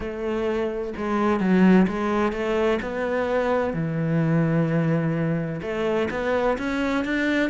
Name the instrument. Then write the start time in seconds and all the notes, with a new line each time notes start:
cello
0.00 A3
0.97 G#3
1.40 F#3
1.87 G#3
2.32 A3
2.81 B3
3.73 E3
5.62 A3
6.10 B3
6.58 C#4
7.04 D4